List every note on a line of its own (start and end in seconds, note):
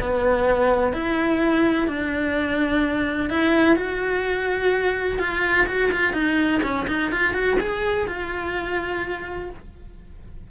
0.00 0.92 B3
0.92 1.87 E4
1.87 3.29 D4
3.29 3.76 E4
3.76 5.18 F#4
5.18 5.66 F4
5.66 5.90 F#4
5.91 6.13 F4
6.13 6.61 D#4
6.63 6.86 C#4
6.87 7.11 D#4
7.11 7.33 F4
7.33 7.57 F#4
7.60 8.07 G#4
8.07 9.50 F4